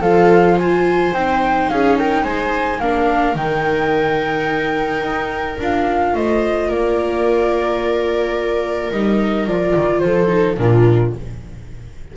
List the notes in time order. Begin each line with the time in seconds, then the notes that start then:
0.00 F3 F4 A4 F5
0.58 C5 G#5
1.13 C4 D#4 G5
1.69 C#4 G#4 F5
1.99 A#4 G5
2.23 G#3 C5 G#5
2.79 A#3 D4 A#4 F5
3.34 D#3 D#4 G5
5.01 D#4
5.59 D4 F4 F5
6.13 A3 C5 D#5
6.68 A#3 A#4 D5
8.91 G3 D#4 D#5
9.46 F3 F4 D5
9.76 D#3
9.99 F3 A4 C5
10.27 D#4
10.57 A#2 D4 F4 A#4